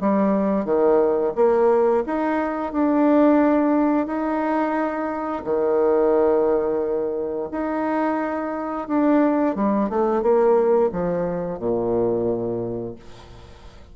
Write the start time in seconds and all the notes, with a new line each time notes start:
0.00 G3
0.65 D#3
1.35 A#3
2.06 D#4
2.72 D4
4.07 D#4
5.44 D#3
7.51 D#4
8.88 D4
9.55 G3
9.89 A3
10.22 A#3
10.92 F3
11.59 A#2